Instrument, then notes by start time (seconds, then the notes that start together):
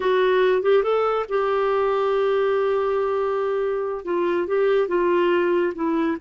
clarinet
0.00 F#4
0.62 G4
0.83 A4
1.28 G4
4.04 F4
4.47 G4
4.88 F4
5.74 E4